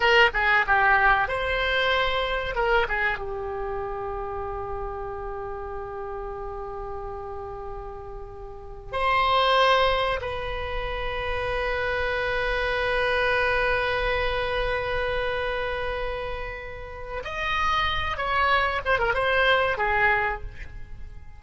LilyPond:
\new Staff \with { instrumentName = "oboe" } { \time 4/4 \tempo 4 = 94 ais'8 gis'8 g'4 c''2 | ais'8 gis'8 g'2.~ | g'1~ | g'2 c''2 |
b'1~ | b'1~ | b'2. dis''4~ | dis''8 cis''4 c''16 ais'16 c''4 gis'4 | }